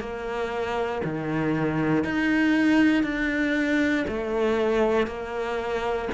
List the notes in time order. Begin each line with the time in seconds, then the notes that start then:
0.00 A#3
1.04 D#3
2.04 D#4
3.04 D4
4.08 A3
5.07 A#3